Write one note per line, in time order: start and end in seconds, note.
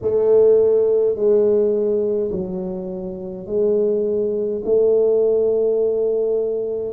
0.01 1.15 A3
1.15 2.31 G#3
2.31 3.46 F#3
3.46 4.62 G#3
4.65 6.93 A3